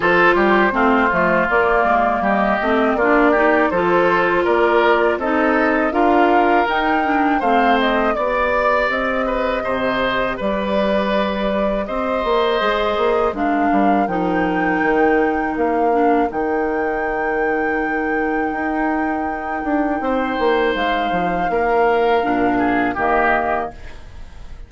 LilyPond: <<
  \new Staff \with { instrumentName = "flute" } { \time 4/4 \tempo 4 = 81 c''2 d''4 dis''4 | d''4 c''4 d''4 dis''4 | f''4 g''4 f''8 dis''8 d''4 | dis''2 d''2 |
dis''2 f''4 g''4~ | g''4 f''4 g''2~ | g''1 | f''2. dis''4 | }
  \new Staff \with { instrumentName = "oboe" } { \time 4/4 a'8 g'8 f'2 g'4 | f'8 g'8 a'4 ais'4 a'4 | ais'2 c''4 d''4~ | d''8 b'8 c''4 b'2 |
c''2 ais'2~ | ais'1~ | ais'2. c''4~ | c''4 ais'4. gis'8 g'4 | }
  \new Staff \with { instrumentName = "clarinet" } { \time 4/4 f'4 c'8 a8 ais4. c'8 | d'8 dis'8 f'2 dis'4 | f'4 dis'8 d'8 c'4 g'4~ | g'1~ |
g'4 gis'4 d'4 dis'4~ | dis'4. d'8 dis'2~ | dis'1~ | dis'2 d'4 ais4 | }
  \new Staff \with { instrumentName = "bassoon" } { \time 4/4 f8 g8 a8 f8 ais8 gis8 g8 a8 | ais4 f4 ais4 c'4 | d'4 dis'4 a4 b4 | c'4 c4 g2 |
c'8 ais8 gis8 ais8 gis8 g8 f4 | dis4 ais4 dis2~ | dis4 dis'4. d'8 c'8 ais8 | gis8 f8 ais4 ais,4 dis4 | }
>>